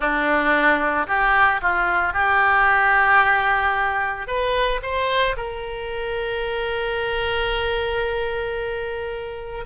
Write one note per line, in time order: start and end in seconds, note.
0.00 1.07 D4
1.07 1.60 G4
1.61 2.13 F4
2.13 4.27 G4
4.27 4.80 B4
4.82 5.36 C5
5.36 9.65 A#4